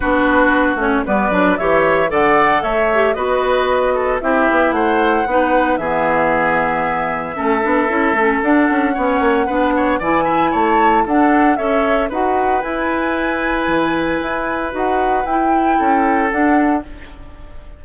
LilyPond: <<
  \new Staff \with { instrumentName = "flute" } { \time 4/4 \tempo 4 = 114 b'4. cis''8 d''4 e''4 | fis''4 e''4 dis''2 | e''4 fis''2 e''4~ | e''1 |
fis''2. gis''4 | a''4 fis''4 e''4 fis''4 | gis''1 | fis''4 g''2 fis''4 | }
  \new Staff \with { instrumentName = "oboe" } { \time 4/4 fis'2 b'4 cis''4 | d''4 cis''4 b'4. a'8 | g'4 c''4 b'4 gis'4~ | gis'2 a'2~ |
a'4 cis''4 b'8 cis''8 d''8 e''8 | cis''4 a'4 cis''4 b'4~ | b'1~ | b'2 a'2 | }
  \new Staff \with { instrumentName = "clarinet" } { \time 4/4 d'4. cis'8 b8 d'8 g'4 | a'4. g'8 fis'2 | e'2 dis'4 b4~ | b2 cis'8 d'8 e'8 cis'8 |
d'4 cis'4 d'4 e'4~ | e'4 d'4 a'4 fis'4 | e'1 | fis'4 e'2 d'4 | }
  \new Staff \with { instrumentName = "bassoon" } { \time 4/4 b4. a8 g8 fis8 e4 | d4 a4 b2 | c'8 b8 a4 b4 e4~ | e2 a8 b8 cis'8 a8 |
d'8 cis'8 b8 ais8 b4 e4 | a4 d'4 cis'4 dis'4 | e'2 e4 e'4 | dis'4 e'4 cis'4 d'4 | }
>>